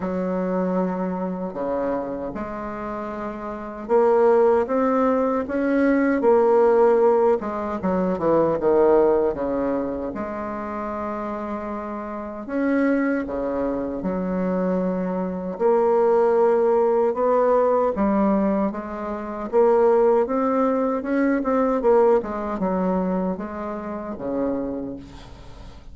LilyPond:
\new Staff \with { instrumentName = "bassoon" } { \time 4/4 \tempo 4 = 77 fis2 cis4 gis4~ | gis4 ais4 c'4 cis'4 | ais4. gis8 fis8 e8 dis4 | cis4 gis2. |
cis'4 cis4 fis2 | ais2 b4 g4 | gis4 ais4 c'4 cis'8 c'8 | ais8 gis8 fis4 gis4 cis4 | }